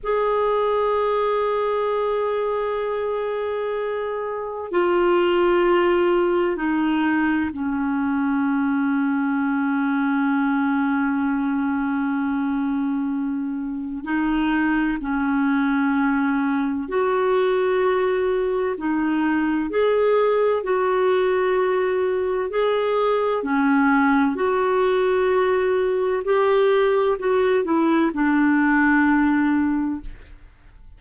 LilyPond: \new Staff \with { instrumentName = "clarinet" } { \time 4/4 \tempo 4 = 64 gis'1~ | gis'4 f'2 dis'4 | cis'1~ | cis'2. dis'4 |
cis'2 fis'2 | dis'4 gis'4 fis'2 | gis'4 cis'4 fis'2 | g'4 fis'8 e'8 d'2 | }